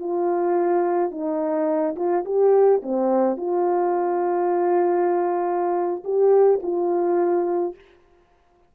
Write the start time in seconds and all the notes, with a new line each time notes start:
0.00 F4
1.12 D#4
1.97 F4
2.26 G4
2.83 C4
3.37 F4
6.05 G4
6.63 F4